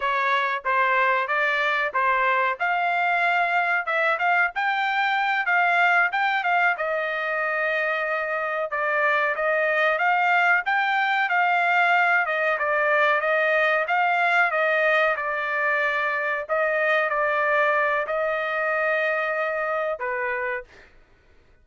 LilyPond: \new Staff \with { instrumentName = "trumpet" } { \time 4/4 \tempo 4 = 93 cis''4 c''4 d''4 c''4 | f''2 e''8 f''8 g''4~ | g''8 f''4 g''8 f''8 dis''4.~ | dis''4. d''4 dis''4 f''8~ |
f''8 g''4 f''4. dis''8 d''8~ | d''8 dis''4 f''4 dis''4 d''8~ | d''4. dis''4 d''4. | dis''2. b'4 | }